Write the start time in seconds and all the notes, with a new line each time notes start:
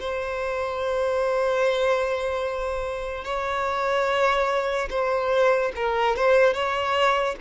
0.00 C5
3.25 C#5
4.90 C5
5.76 A#4
6.16 C5
6.54 C#5